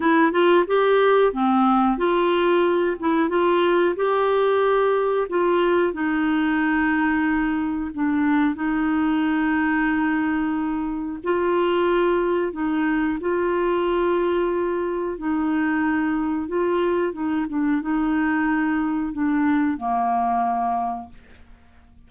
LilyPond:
\new Staff \with { instrumentName = "clarinet" } { \time 4/4 \tempo 4 = 91 e'8 f'8 g'4 c'4 f'4~ | f'8 e'8 f'4 g'2 | f'4 dis'2. | d'4 dis'2.~ |
dis'4 f'2 dis'4 | f'2. dis'4~ | dis'4 f'4 dis'8 d'8 dis'4~ | dis'4 d'4 ais2 | }